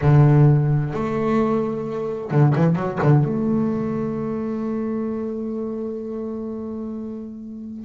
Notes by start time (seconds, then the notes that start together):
0.01 D3
0.93 A3
2.30 D3
2.55 E3
2.75 F#3
3.02 D3
3.24 A3